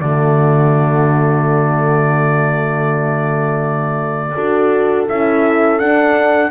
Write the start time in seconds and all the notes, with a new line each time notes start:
0.00 D3 A3 F#4 D5
4.34 D4 F#4 A4
5.09 C#4 E4 E5
5.79 D4 F#5